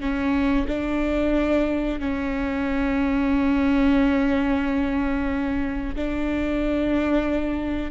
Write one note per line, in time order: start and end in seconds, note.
0.00 0.66 C#4
0.67 1.99 D4
1.99 5.95 C#4
5.96 7.91 D4